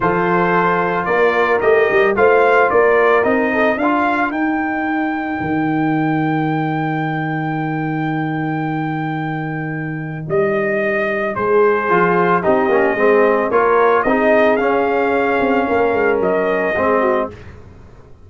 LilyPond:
<<
  \new Staff \with { instrumentName = "trumpet" } { \time 4/4 \tempo 4 = 111 c''2 d''4 dis''4 | f''4 d''4 dis''4 f''4 | g''1~ | g''1~ |
g''2. dis''4~ | dis''4 c''2 dis''4~ | dis''4 cis''4 dis''4 f''4~ | f''2 dis''2 | }
  \new Staff \with { instrumentName = "horn" } { \time 4/4 a'2 ais'2 | c''4 ais'4. a'8 ais'4~ | ais'1~ | ais'1~ |
ais'1~ | ais'4 gis'2 g'4 | gis'4 ais'4 gis'2~ | gis'4 ais'2 gis'8 fis'8 | }
  \new Staff \with { instrumentName = "trombone" } { \time 4/4 f'2. g'4 | f'2 dis'4 f'4 | dis'1~ | dis'1~ |
dis'1~ | dis'2 f'4 dis'8 cis'8 | c'4 f'4 dis'4 cis'4~ | cis'2. c'4 | }
  \new Staff \with { instrumentName = "tuba" } { \time 4/4 f2 ais4 a8 g8 | a4 ais4 c'4 d'4 | dis'2 dis2~ | dis1~ |
dis2. g4~ | g4 gis4 f4 c'8 ais8 | gis4 ais4 c'4 cis'4~ | cis'8 c'8 ais8 gis8 fis4 gis4 | }
>>